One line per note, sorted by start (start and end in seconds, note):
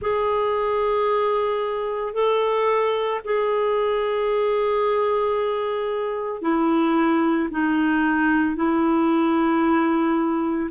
0.01 2.13 G#4
2.13 3.20 A4
3.24 6.41 G#4
6.41 7.49 E4
7.50 8.55 D#4
8.55 10.69 E4